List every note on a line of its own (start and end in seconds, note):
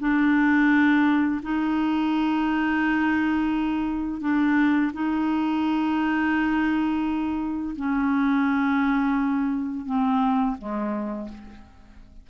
0.00 1.41 D4
1.43 4.21 D#4
4.21 4.92 D4
4.94 7.76 D#4
7.76 9.86 C#4
9.86 10.57 C4
10.58 11.29 G#3